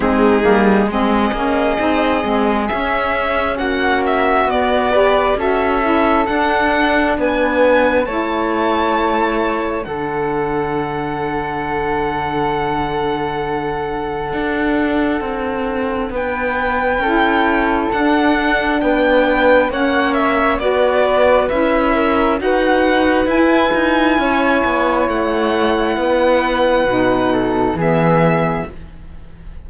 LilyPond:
<<
  \new Staff \with { instrumentName = "violin" } { \time 4/4 \tempo 4 = 67 gis'4 dis''2 e''4 | fis''8 e''8 d''4 e''4 fis''4 | gis''4 a''2 fis''4~ | fis''1~ |
fis''2 g''2 | fis''4 g''4 fis''8 e''8 d''4 | e''4 fis''4 gis''2 | fis''2. e''4 | }
  \new Staff \with { instrumentName = "flute" } { \time 4/4 dis'4 gis'2. | fis'4. b'8 a'2 | b'4 cis''2 a'4~ | a'1~ |
a'2 b'4 a'4~ | a'4 b'4 cis''4 b'4~ | b'8 ais'8 b'2 cis''4~ | cis''4 b'4. a'8 gis'4 | }
  \new Staff \with { instrumentName = "saxophone" } { \time 4/4 c'8 ais8 c'8 cis'8 dis'8 c'8 cis'4~ | cis'4 b8 g'8 fis'8 e'8 d'4~ | d'4 e'2 d'4~ | d'1~ |
d'2. e'4 | d'2 cis'4 fis'4 | e'4 fis'4 e'2~ | e'2 dis'4 b4 | }
  \new Staff \with { instrumentName = "cello" } { \time 4/4 gis8 g8 gis8 ais8 c'8 gis8 cis'4 | ais4 b4 cis'4 d'4 | b4 a2 d4~ | d1 |
d'4 c'4 b4 cis'4 | d'4 b4 ais4 b4 | cis'4 dis'4 e'8 dis'8 cis'8 b8 | a4 b4 b,4 e4 | }
>>